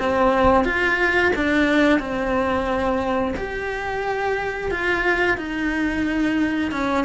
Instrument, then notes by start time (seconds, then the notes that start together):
cello
0.00 C4
0.65 F4
1.36 D4
1.99 C4
3.37 G4
4.72 F4
5.37 D#4
6.72 C#4